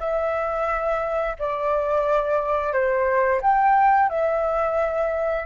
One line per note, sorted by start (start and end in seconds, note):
0.00 1.36 E5
1.39 2.73 D5
2.73 3.42 C5
3.42 4.10 G5
4.10 5.46 E5